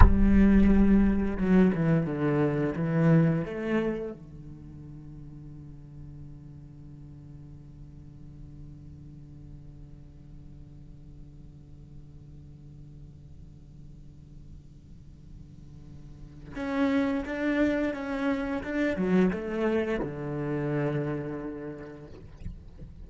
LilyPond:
\new Staff \with { instrumentName = "cello" } { \time 4/4 \tempo 4 = 87 g2 fis8 e8 d4 | e4 a4 d2~ | d1~ | d1~ |
d1~ | d1 | cis'4 d'4 cis'4 d'8 fis8 | a4 d2. | }